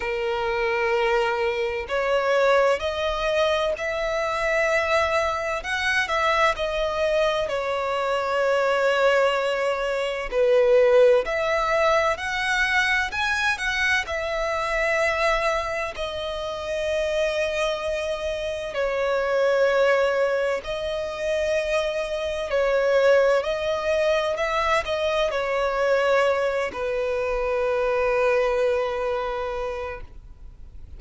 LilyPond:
\new Staff \with { instrumentName = "violin" } { \time 4/4 \tempo 4 = 64 ais'2 cis''4 dis''4 | e''2 fis''8 e''8 dis''4 | cis''2. b'4 | e''4 fis''4 gis''8 fis''8 e''4~ |
e''4 dis''2. | cis''2 dis''2 | cis''4 dis''4 e''8 dis''8 cis''4~ | cis''8 b'2.~ b'8 | }